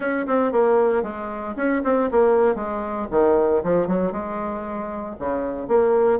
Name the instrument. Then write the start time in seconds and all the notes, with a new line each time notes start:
bassoon
0.00 C#4
0.26 C4
0.52 A#3
1.03 G#3
1.56 C#4
1.84 C4
2.11 A#3
2.55 G#3
3.11 D#3
3.63 F3
3.87 F#3
4.12 G#3
5.19 C#3
5.68 A#3